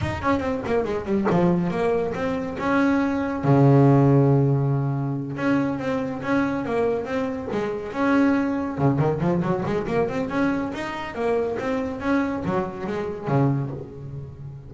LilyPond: \new Staff \with { instrumentName = "double bass" } { \time 4/4 \tempo 4 = 140 dis'8 cis'8 c'8 ais8 gis8 g8 f4 | ais4 c'4 cis'2 | cis1~ | cis8 cis'4 c'4 cis'4 ais8~ |
ais8 c'4 gis4 cis'4.~ | cis'8 cis8 dis8 f8 fis8 gis8 ais8 c'8 | cis'4 dis'4 ais4 c'4 | cis'4 fis4 gis4 cis4 | }